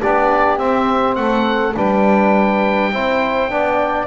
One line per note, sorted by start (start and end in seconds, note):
0.00 0.60 B3
0.00 0.58 D4
0.00 1.17 G4
0.00 0.59 D5
0.58 1.74 C4
0.58 1.17 C4
0.58 1.15 E5
1.15 1.75 A3
1.15 1.75 A4
1.15 1.74 F#5
1.75 2.93 G3
1.75 2.93 D4
1.75 2.92 B4
1.75 4.07 G5
2.93 3.50 C4
2.93 3.50 E4
2.93 3.52 C5
3.50 4.07 B3
3.50 4.07 D4
3.50 4.07 D5